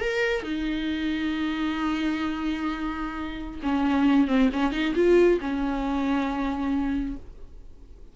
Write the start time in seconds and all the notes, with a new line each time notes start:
0.00 A#4
0.43 D#4
3.63 C#4
4.27 C4
4.53 C#4
4.72 D#4
4.95 F4
5.40 C#4